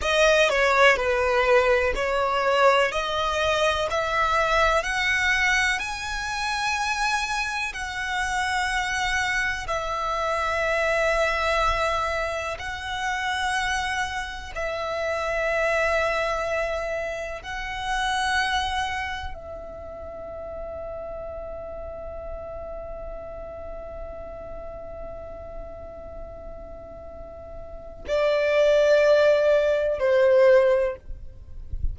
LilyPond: \new Staff \with { instrumentName = "violin" } { \time 4/4 \tempo 4 = 62 dis''8 cis''8 b'4 cis''4 dis''4 | e''4 fis''4 gis''2 | fis''2 e''2~ | e''4 fis''2 e''4~ |
e''2 fis''2 | e''1~ | e''1~ | e''4 d''2 c''4 | }